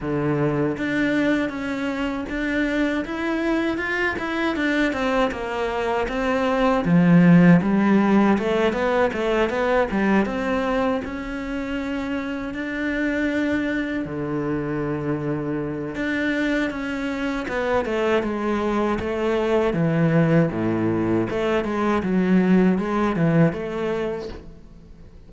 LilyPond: \new Staff \with { instrumentName = "cello" } { \time 4/4 \tempo 4 = 79 d4 d'4 cis'4 d'4 | e'4 f'8 e'8 d'8 c'8 ais4 | c'4 f4 g4 a8 b8 | a8 b8 g8 c'4 cis'4.~ |
cis'8 d'2 d4.~ | d4 d'4 cis'4 b8 a8 | gis4 a4 e4 a,4 | a8 gis8 fis4 gis8 e8 a4 | }